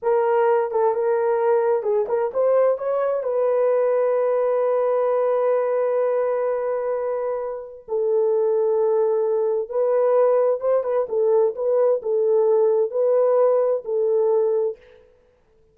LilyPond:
\new Staff \with { instrumentName = "horn" } { \time 4/4 \tempo 4 = 130 ais'4. a'8 ais'2 | gis'8 ais'8 c''4 cis''4 b'4~ | b'1~ | b'1~ |
b'4 a'2.~ | a'4 b'2 c''8 b'8 | a'4 b'4 a'2 | b'2 a'2 | }